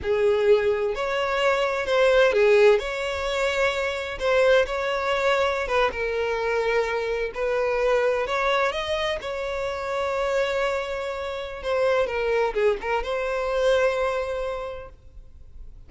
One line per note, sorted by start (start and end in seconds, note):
0.02 0.95 G#4
0.95 1.85 C#5
1.85 2.32 C5
2.32 2.78 G#4
2.78 4.18 C#5
4.19 4.65 C5
4.66 5.67 C#5
5.67 5.91 B4
5.92 7.31 A#4
7.34 8.26 B4
8.26 8.72 C#5
8.72 9.18 D#5
9.21 11.62 C#5
11.62 12.07 C5
12.07 12.53 A#4
12.53 12.77 G#4
12.81 13.03 A#4
13.03 14.89 C5